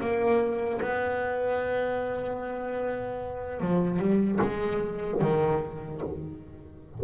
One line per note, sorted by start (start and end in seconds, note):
0.00 0.80 A#3
0.81 3.60 B3
3.60 3.99 F3
3.99 4.39 G3
4.41 5.21 G#3
5.21 6.01 D#3